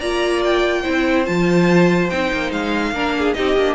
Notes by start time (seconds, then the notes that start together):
0.00 A#3 F4 D5 A#5
0.45 G5
0.82 C4 E4 C5
1.25 F3 F4 A5
2.10 C4 D#4 G5
2.33 A#3
2.52 G#3 F5
2.92 A#3 D4 A#4
3.19 G#4
3.34 C4 D#4 G4 D#5
3.56 A#3 D4